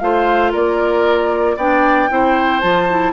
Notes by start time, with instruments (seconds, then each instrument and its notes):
0.00 bassoon A3, clarinet F4, oboe C5, flute F5
0.52 bassoon A#3, oboe A#4, flute D5
1.57 bassoon B3, clarinet D4, oboe D5, flute G5
2.10 bassoon C4, clarinet E4, oboe C5
2.61 bassoon F3, clarinet F4, flute A5
2.90 clarinet E4